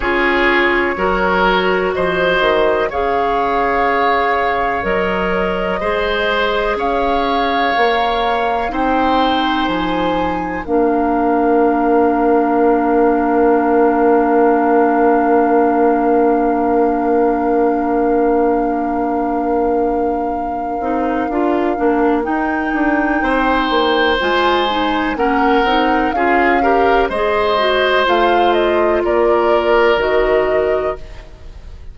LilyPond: <<
  \new Staff \with { instrumentName = "flute" } { \time 4/4 \tempo 4 = 62 cis''2 dis''4 f''4~ | f''4 dis''2 f''4~ | f''4 g''4 gis''4 f''4~ | f''1~ |
f''1~ | f''2. g''4~ | g''4 gis''4 fis''4 f''4 | dis''4 f''8 dis''8 d''4 dis''4 | }
  \new Staff \with { instrumentName = "oboe" } { \time 4/4 gis'4 ais'4 c''4 cis''4~ | cis''2 c''4 cis''4~ | cis''4 c''2 ais'4~ | ais'1~ |
ais'1~ | ais'1 | c''2 ais'4 gis'8 ais'8 | c''2 ais'2 | }
  \new Staff \with { instrumentName = "clarinet" } { \time 4/4 f'4 fis'2 gis'4~ | gis'4 ais'4 gis'2 | ais'4 dis'2 d'4~ | d'1~ |
d'1~ | d'4. dis'8 f'8 d'8 dis'4~ | dis'4 f'8 dis'8 cis'8 dis'8 f'8 g'8 | gis'8 fis'8 f'2 fis'4 | }
  \new Staff \with { instrumentName = "bassoon" } { \time 4/4 cis'4 fis4 f8 dis8 cis4~ | cis4 fis4 gis4 cis'4 | ais4 c'4 f4 ais4~ | ais1~ |
ais1~ | ais4. c'8 d'8 ais8 dis'8 d'8 | c'8 ais8 gis4 ais8 c'8 cis'4 | gis4 a4 ais4 dis4 | }
>>